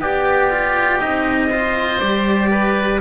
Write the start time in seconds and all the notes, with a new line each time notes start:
0.00 B3 G4 D5
0.51 F4
0.99 C4 D#4 D#5
1.51 F4 C5
2.00 G3 G4 D5
2.51 B4